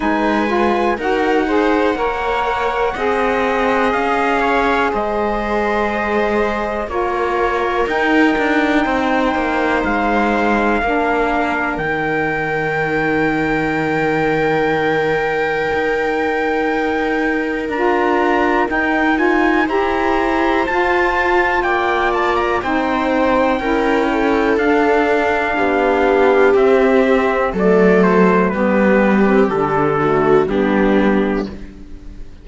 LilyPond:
<<
  \new Staff \with { instrumentName = "trumpet" } { \time 4/4 \tempo 4 = 61 gis''4 fis''2. | f''4 dis''2 cis''4 | g''2 f''2 | g''1~ |
g''2 ais''4 g''8 gis''8 | ais''4 a''4 g''8 a''16 ais''16 g''4~ | g''4 f''2 e''4 | d''8 c''8 b'4 a'4 g'4 | }
  \new Staff \with { instrumentName = "viola" } { \time 4/4 b'4 ais'8 c''8 cis''4 dis''4~ | dis''8 cis''8 c''2 ais'4~ | ais'4 c''2 ais'4~ | ais'1~ |
ais'1 | c''2 d''4 c''4 | ais'8 a'4. g'2 | a'4 g'4. fis'8 d'4 | }
  \new Staff \with { instrumentName = "saxophone" } { \time 4/4 dis'8 f'8 fis'8 gis'8 ais'4 gis'4~ | gis'2. f'4 | dis'2. d'4 | dis'1~ |
dis'2 f'4 dis'8 f'8 | g'4 f'2 dis'4 | e'4 d'2 c'4 | a4 b8. c'16 d'8 a8 b4 | }
  \new Staff \with { instrumentName = "cello" } { \time 4/4 gis4 dis'4 ais4 c'4 | cis'4 gis2 ais4 | dis'8 d'8 c'8 ais8 gis4 ais4 | dis1 |
dis'2 d'4 dis'4 | e'4 f'4 ais4 c'4 | cis'4 d'4 b4 c'4 | fis4 g4 d4 g4 | }
>>